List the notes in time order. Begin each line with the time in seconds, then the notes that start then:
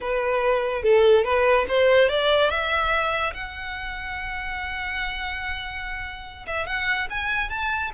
0.00 B4
0.82 A4
1.24 B4
1.68 C5
2.09 D5
2.49 E5
3.33 F#5
6.46 E5
6.66 F#5
7.09 G#5
7.49 A5